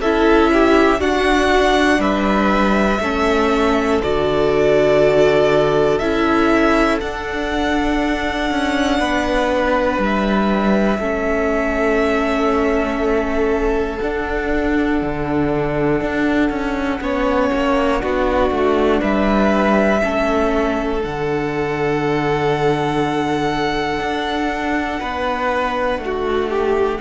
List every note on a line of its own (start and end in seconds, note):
0.00 1.00 C#4
0.00 0.98 E4
0.00 0.51 A4
0.00 1.01 E5
0.53 1.00 G4
0.98 2.98 D4
0.98 1.99 D4
0.98 2.00 F#4
0.98 2.01 F#5
1.99 2.99 G3
1.99 3.00 B4
1.99 4.01 E5
2.99 3.99 A3
2.99 4.03 C#4
2.99 9.00 A4
4.03 6.00 D3
4.03 6.01 F#4
4.03 5.98 D5
5.98 7.00 C#4
5.98 7.01 E4
5.98 6.98 E5
7.01 8.50 D4
7.01 11.00 D4
7.01 10.01 F#5
8.50 9.00 C#4
9.00 9.98 B3
9.00 10.99 B4
9.98 10.98 G3
10.04 13.99 E5
10.99 13.99 A3
10.99 14.00 C#4
10.99 16.99 A4
13.99 17.01 D4
13.99 15.01 D4
13.99 18.99 F#5
15.01 16.01 D3
16.01 16.50 D4
16.50 17.00 C#4
17.00 17.50 B3
17.00 17.99 C#4
17.00 18.02 C#5
17.52 18.02 A#3
17.99 18.51 B3
17.99 19.99 D4
17.99 19.01 F#4
18.51 19.01 A3
19.01 20.02 G3
19.01 20.01 B4
19.01 21.01 E5
20.02 21.04 A3
20.02 20.99 C#4
20.02 25.00 A4
20.99 23.99 D3
20.99 26.99 D4
20.99 27.00 F#5
23.99 24.99 D4
25.00 25.98 B3
25.00 26.00 B4
25.98 26.98 A3
26.05 26.50 F#4
26.50 27.00 G4